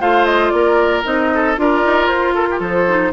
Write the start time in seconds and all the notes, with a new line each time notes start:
0.00 A3 F4 C5 F5
0.25 D#5
0.49 A#3 A#4 D5
1.04 C4 D#4 D#5
1.34 A4
1.56 D4 F4 A#4 D5
1.85 D#4
2.07 F4 C5
2.34 A4 A#4
2.51 G4
2.59 F3 A4 C5
2.87 D#4